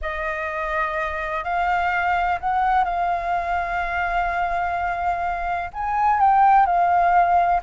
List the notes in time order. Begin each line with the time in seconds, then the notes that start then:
0.01 D#5
1.44 F5
2.40 F#5
2.84 F5
5.73 G#5
6.19 G5
6.66 F5